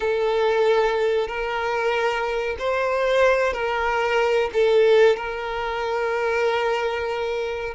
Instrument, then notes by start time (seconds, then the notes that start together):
violin
0.00 A4
1.27 A#4
2.58 C5
3.53 A#4
4.53 A4
5.16 A#4